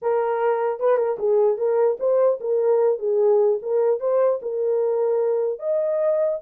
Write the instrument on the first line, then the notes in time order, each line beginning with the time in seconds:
horn
0.02 A#4
0.79 B4
0.97 A#4
1.18 G#4
1.57 A#4
1.99 C5
2.40 A#4
2.98 G#4
3.62 A#4
3.99 C5
4.41 A#4
5.59 D#5